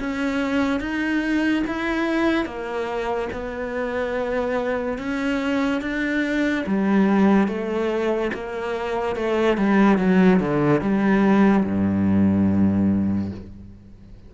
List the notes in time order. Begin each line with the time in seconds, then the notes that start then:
0.00 C#4
0.81 D#4
1.67 E4
2.46 A#3
3.33 B3
4.99 C#4
5.82 D4
6.67 G3
7.48 A3
8.34 A#3
9.16 A3
9.58 G3
9.98 F#3
10.40 D3
10.81 G3
11.65 G2